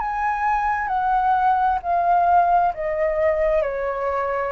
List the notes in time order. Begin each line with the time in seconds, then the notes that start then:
0.00 G#5
0.88 F#5
1.82 F5
2.74 D#5
3.62 C#5